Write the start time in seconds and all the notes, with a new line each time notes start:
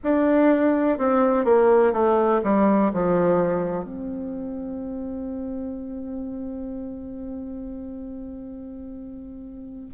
0.03 D4
0.98 C4
1.45 A#3
1.93 A3
2.43 G3
2.93 F3
3.84 C4